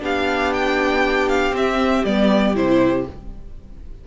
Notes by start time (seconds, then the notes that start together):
0.00 B3 D4 G4 F5
0.53 G5
1.29 F5
1.52 C4 E5
2.05 G3 B3 D5
2.55 C3 E4 C5